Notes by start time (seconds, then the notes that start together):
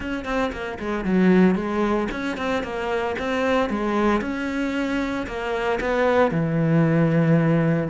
0.00 C#4
0.25 C4
0.52 A#3
0.79 G#3
1.04 F#3
1.55 G#3
2.11 C#4
2.37 C4
2.63 A#3
3.18 C4
3.69 G#3
4.21 C#4
5.26 A#3
5.80 B3
6.31 E3